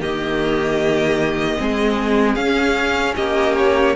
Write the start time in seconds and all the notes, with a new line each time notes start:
0.00 D#3 A#3 G4 D#5
1.57 G#3 C4 G#4
2.35 C#4 F5
3.15 A#3 G4 D#5
3.57 C#5